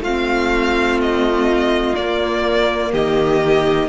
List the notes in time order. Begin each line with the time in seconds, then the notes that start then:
0.00 A3 C4 F4 F5
1.01 D#5
1.96 A#3 D5
2.91 D#3 G4 D#5